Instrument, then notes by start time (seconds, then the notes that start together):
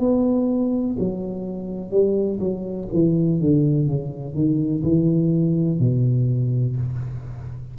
tuba
0.00 B3
0.99 F#3
1.91 G3
2.40 F#3
2.93 E3
3.40 D3
3.87 C#3
4.35 D#3
4.83 E3
5.80 B2